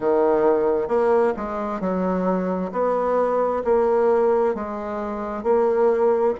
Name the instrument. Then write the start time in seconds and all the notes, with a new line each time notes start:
bassoon
0.00 D#3
0.88 A#3
1.36 G#3
1.80 F#3
2.72 B3
3.64 A#3
4.55 G#3
5.43 A#3